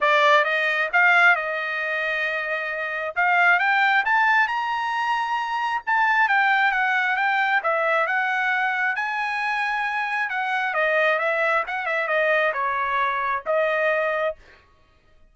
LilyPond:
\new Staff \with { instrumentName = "trumpet" } { \time 4/4 \tempo 4 = 134 d''4 dis''4 f''4 dis''4~ | dis''2. f''4 | g''4 a''4 ais''2~ | ais''4 a''4 g''4 fis''4 |
g''4 e''4 fis''2 | gis''2. fis''4 | dis''4 e''4 fis''8 e''8 dis''4 | cis''2 dis''2 | }